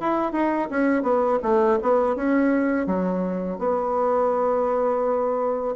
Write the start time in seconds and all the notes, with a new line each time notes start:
0.00 E4
0.32 D#4
0.70 C#4
1.03 B3
1.43 A3
1.82 B3
2.16 C#4
2.87 F#3
3.58 B3